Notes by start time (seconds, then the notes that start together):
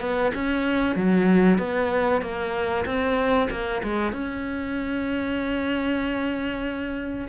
0.00 B3
0.34 C#4
0.95 F#3
1.58 B3
2.21 A#3
2.85 C4
3.50 A#3
3.83 G#3
4.12 C#4